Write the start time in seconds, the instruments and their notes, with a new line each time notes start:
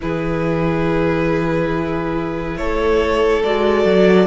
0.01 cello E3, viola E4, violin G#4 B4
2.57 cello A3, violin A4 C#5
3.43 cello G#3, viola F#4, violin D5
3.85 cello F#3